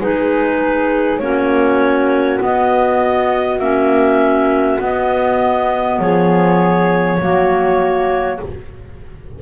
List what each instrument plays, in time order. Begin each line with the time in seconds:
0.00 double bass G#3, clarinet D#4 B4, flute G#4
1.18 double bass A#3, clarinet C#4 C#5, flute F#4
2.40 clarinet B3 D#5, double bass B3
3.58 double bass A#3, clarinet C#4 E5
4.79 double bass B3, clarinet B3 D#5
5.99 double bass F3, flute G#4, clarinet C#5
7.19 double bass F#3, clarinet A#3, flute F#4